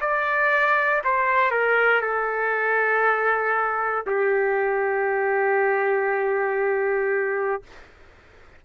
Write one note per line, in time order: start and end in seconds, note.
0.00 1.02 D5
1.04 1.51 C5
1.51 2.01 A#4
2.01 4.04 A4
4.06 7.62 G4